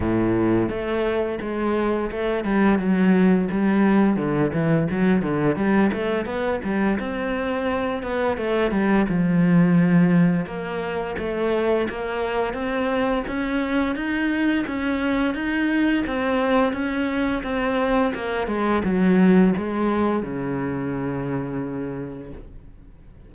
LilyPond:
\new Staff \with { instrumentName = "cello" } { \time 4/4 \tempo 4 = 86 a,4 a4 gis4 a8 g8 | fis4 g4 d8 e8 fis8 d8 | g8 a8 b8 g8 c'4. b8 | a8 g8 f2 ais4 |
a4 ais4 c'4 cis'4 | dis'4 cis'4 dis'4 c'4 | cis'4 c'4 ais8 gis8 fis4 | gis4 cis2. | }